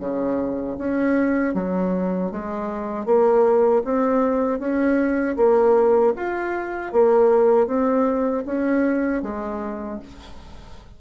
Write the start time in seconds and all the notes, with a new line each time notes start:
0.00 C#3
0.78 C#4
1.55 F#3
2.31 G#3
3.06 A#3
3.85 C4
4.60 C#4
5.37 A#3
6.16 F4
6.93 A#3
7.67 C4
8.46 C#4
9.23 G#3